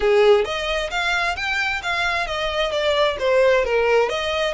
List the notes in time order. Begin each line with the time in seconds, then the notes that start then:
0.00 G#4
0.44 D#5
0.90 F5
1.36 G5
1.82 F5
2.26 D#5
2.71 D5
3.19 C5
3.64 A#4
4.09 D#5